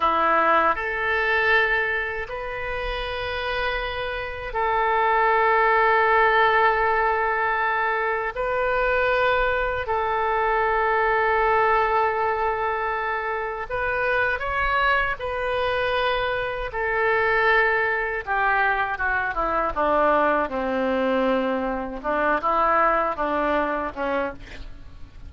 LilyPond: \new Staff \with { instrumentName = "oboe" } { \time 4/4 \tempo 4 = 79 e'4 a'2 b'4~ | b'2 a'2~ | a'2. b'4~ | b'4 a'2.~ |
a'2 b'4 cis''4 | b'2 a'2 | g'4 fis'8 e'8 d'4 c'4~ | c'4 d'8 e'4 d'4 cis'8 | }